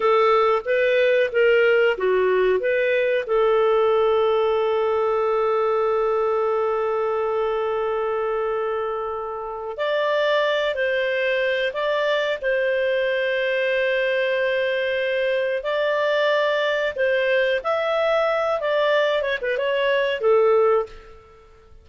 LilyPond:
\new Staff \with { instrumentName = "clarinet" } { \time 4/4 \tempo 4 = 92 a'4 b'4 ais'4 fis'4 | b'4 a'2.~ | a'1~ | a'2. d''4~ |
d''8 c''4. d''4 c''4~ | c''1 | d''2 c''4 e''4~ | e''8 d''4 cis''16 b'16 cis''4 a'4 | }